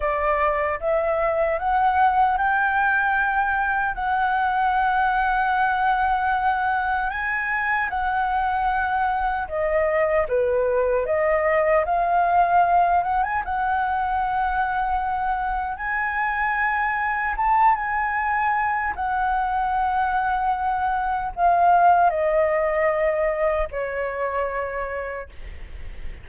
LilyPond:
\new Staff \with { instrumentName = "flute" } { \time 4/4 \tempo 4 = 76 d''4 e''4 fis''4 g''4~ | g''4 fis''2.~ | fis''4 gis''4 fis''2 | dis''4 b'4 dis''4 f''4~ |
f''8 fis''16 gis''16 fis''2. | gis''2 a''8 gis''4. | fis''2. f''4 | dis''2 cis''2 | }